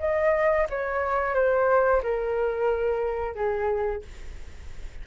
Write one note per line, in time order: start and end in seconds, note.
0.00 0.67 D#5
0.70 1.35 C#5
1.35 2.02 C5
2.03 3.35 A#4
3.35 4.02 G#4